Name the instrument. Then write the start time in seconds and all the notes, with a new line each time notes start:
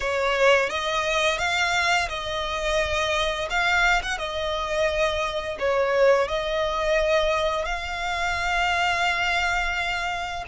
violin
0.00 C#5
0.69 D#5
1.38 F5
2.08 D#5
3.49 F5
4.02 F#5
4.18 D#5
5.59 C#5
6.28 D#5
7.65 F5